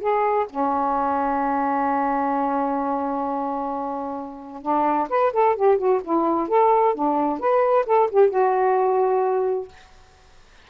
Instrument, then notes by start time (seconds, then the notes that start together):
saxophone
0.00 G#4
0.50 C#4
4.62 D4
5.09 B4
5.33 A4
5.56 G4
5.78 F#4
6.04 E4
6.48 A4
6.95 D4
7.39 B4
7.86 A4
8.11 G4
8.30 F#4